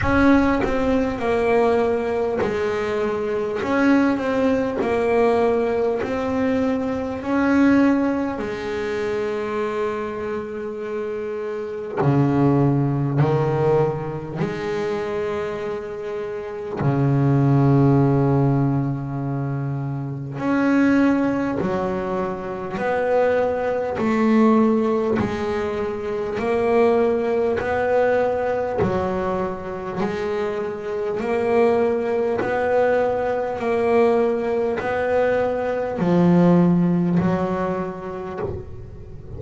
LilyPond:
\new Staff \with { instrumentName = "double bass" } { \time 4/4 \tempo 4 = 50 cis'8 c'8 ais4 gis4 cis'8 c'8 | ais4 c'4 cis'4 gis4~ | gis2 cis4 dis4 | gis2 cis2~ |
cis4 cis'4 fis4 b4 | a4 gis4 ais4 b4 | fis4 gis4 ais4 b4 | ais4 b4 f4 fis4 | }